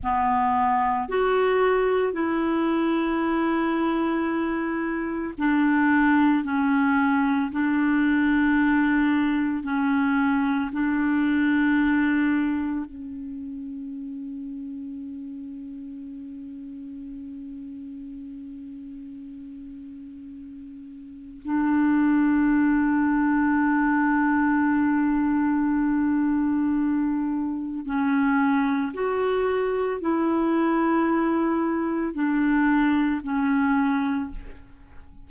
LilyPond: \new Staff \with { instrumentName = "clarinet" } { \time 4/4 \tempo 4 = 56 b4 fis'4 e'2~ | e'4 d'4 cis'4 d'4~ | d'4 cis'4 d'2 | cis'1~ |
cis'1 | d'1~ | d'2 cis'4 fis'4 | e'2 d'4 cis'4 | }